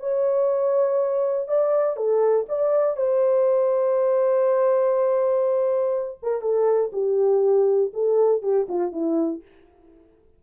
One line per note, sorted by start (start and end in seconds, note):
0.00 1.48 C#5
1.48 1.97 D5
1.97 2.46 A4
2.49 2.97 D5
2.97 6.19 C5
6.23 6.41 A#4
6.41 6.91 A4
6.93 7.92 G4
7.94 8.42 A4
8.42 8.67 G4
8.69 8.93 F4
8.93 9.42 E4